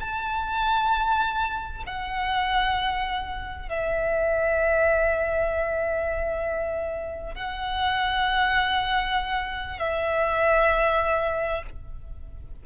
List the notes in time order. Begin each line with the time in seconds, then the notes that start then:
0.00 A5
1.86 F#5
3.69 E5
7.35 F#5
9.79 E5